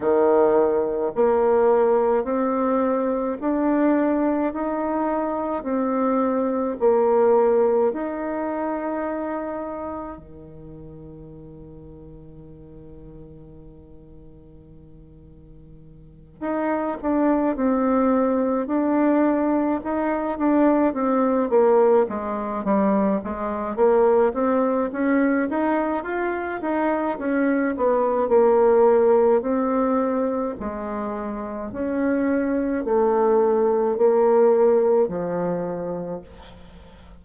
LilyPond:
\new Staff \with { instrumentName = "bassoon" } { \time 4/4 \tempo 4 = 53 dis4 ais4 c'4 d'4 | dis'4 c'4 ais4 dis'4~ | dis'4 dis2.~ | dis2~ dis8 dis'8 d'8 c'8~ |
c'8 d'4 dis'8 d'8 c'8 ais8 gis8 | g8 gis8 ais8 c'8 cis'8 dis'8 f'8 dis'8 | cis'8 b8 ais4 c'4 gis4 | cis'4 a4 ais4 f4 | }